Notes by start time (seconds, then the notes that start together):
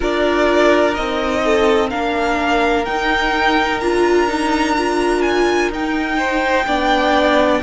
0.00 D4 F4 A#4 D5
0.94 C4 D#4 D#5
1.44 A4
1.89 A#3 D4 A#4 F5
2.85 D#4 G5
3.80 D4 F4 A#5
4.27 D#4
4.77 F4
5.22 G#5
5.70 D#4 G5
6.17 C5
6.66 B3 D4 D5